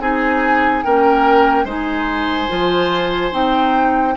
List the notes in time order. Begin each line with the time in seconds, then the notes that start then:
0.00 C4 D#4 G#4 G#5
0.84 A#3 C#4 A#4 G5
1.65 G#3 D#4 C5 G#5
2.48 F3 F4
3.31 C4 D#4 G5